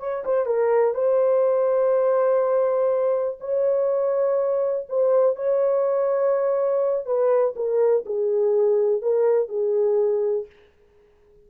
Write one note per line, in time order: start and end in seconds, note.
0.00 0.24 C#5
0.25 0.46 C5
0.46 0.94 A#4
0.94 3.38 C5
3.41 4.87 C#5
4.89 5.36 C5
5.36 7.06 C#5
7.06 7.55 B4
7.56 8.05 A#4
8.06 9.02 G#4
9.02 9.49 A#4
9.49 10.47 G#4